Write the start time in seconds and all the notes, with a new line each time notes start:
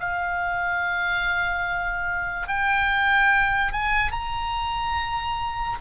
0.00 F5
2.48 G5
3.73 G#5
4.12 A#5